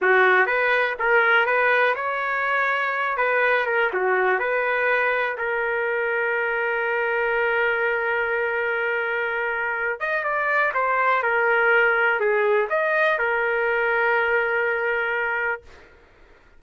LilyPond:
\new Staff \with { instrumentName = "trumpet" } { \time 4/4 \tempo 4 = 123 fis'4 b'4 ais'4 b'4 | cis''2~ cis''8 b'4 ais'8 | fis'4 b'2 ais'4~ | ais'1~ |
ais'1~ | ais'8 dis''8 d''4 c''4 ais'4~ | ais'4 gis'4 dis''4 ais'4~ | ais'1 | }